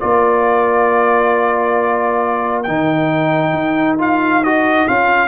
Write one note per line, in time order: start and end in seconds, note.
0.00 2.68 A#3
0.00 2.65 F4
0.00 5.28 A#4
0.00 2.63 D5
2.63 3.53 D#3
2.63 3.98 D#4
2.63 3.96 G5
3.53 4.86 D#4
3.98 4.42 F4
3.98 4.44 F5
4.44 4.88 F#4
4.44 4.88 D#5
4.88 5.28 C#4
4.88 5.28 F4
4.88 5.28 F5